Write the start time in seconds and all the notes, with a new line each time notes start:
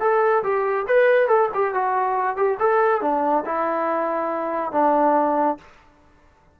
0.00 A4
0.43 G4
0.87 B4
1.28 A4
1.54 G4
1.74 F#4
2.36 G4
2.59 A4
3.01 D4
3.45 E4
4.72 D4